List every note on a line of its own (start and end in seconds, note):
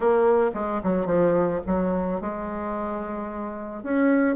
0.00 0.51 A#3
0.54 0.81 G#3
0.83 1.06 F#3
1.06 1.60 F3
1.66 2.20 F#3
2.20 3.83 G#3
3.83 4.36 C#4